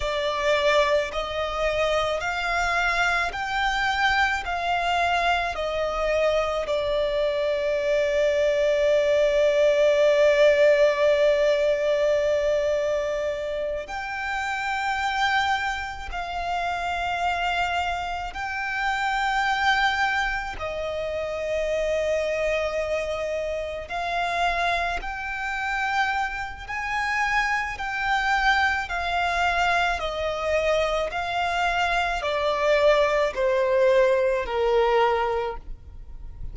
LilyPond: \new Staff \with { instrumentName = "violin" } { \time 4/4 \tempo 4 = 54 d''4 dis''4 f''4 g''4 | f''4 dis''4 d''2~ | d''1~ | d''8 g''2 f''4.~ |
f''8 g''2 dis''4.~ | dis''4. f''4 g''4. | gis''4 g''4 f''4 dis''4 | f''4 d''4 c''4 ais'4 | }